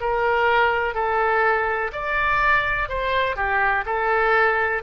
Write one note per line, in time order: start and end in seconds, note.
0.00 0.94 A#4
0.94 1.91 A4
1.92 2.89 D5
2.89 3.36 C5
3.36 3.84 G4
3.85 4.82 A4